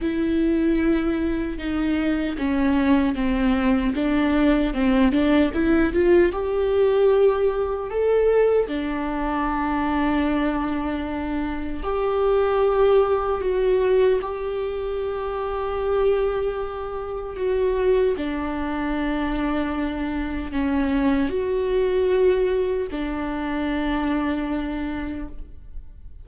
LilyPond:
\new Staff \with { instrumentName = "viola" } { \time 4/4 \tempo 4 = 76 e'2 dis'4 cis'4 | c'4 d'4 c'8 d'8 e'8 f'8 | g'2 a'4 d'4~ | d'2. g'4~ |
g'4 fis'4 g'2~ | g'2 fis'4 d'4~ | d'2 cis'4 fis'4~ | fis'4 d'2. | }